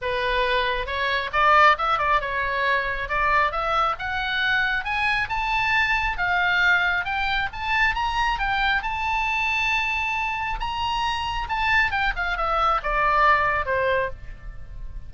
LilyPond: \new Staff \with { instrumentName = "oboe" } { \time 4/4 \tempo 4 = 136 b'2 cis''4 d''4 | e''8 d''8 cis''2 d''4 | e''4 fis''2 gis''4 | a''2 f''2 |
g''4 a''4 ais''4 g''4 | a''1 | ais''2 a''4 g''8 f''8 | e''4 d''2 c''4 | }